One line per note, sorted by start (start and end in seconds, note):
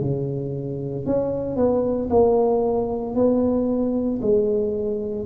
0.00 1.05 C#3
1.05 1.56 C#4
1.56 2.09 B3
2.10 3.15 A#3
3.15 4.20 B3
4.22 5.25 G#3